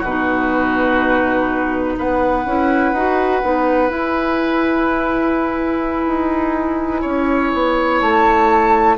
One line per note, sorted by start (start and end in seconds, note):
0.00 1.97 B2
0.00 1.94 F#4
0.00 1.98 B4
0.08 2.47 D#4
1.98 2.46 B3
1.98 7.02 B4
1.98 3.91 F#5
2.46 2.93 C#4
2.46 2.95 E4
2.93 3.41 D#4
2.93 3.43 F#4
3.43 3.91 B3
3.43 3.89 D#4
3.89 8.97 E4
3.89 6.07 E4
3.89 8.00 G#5
6.07 7.04 D#4
7.02 7.53 C#4
7.02 8.95 C#5
7.54 8.01 B3
8.00 8.98 A3
8.00 8.97 A5